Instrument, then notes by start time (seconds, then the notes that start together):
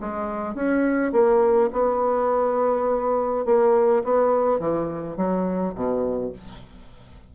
bassoon
0.00 G#3
0.55 C#4
1.12 A#3
1.72 B3
3.45 A#3
4.04 B3
4.59 E3
5.16 F#3
5.74 B2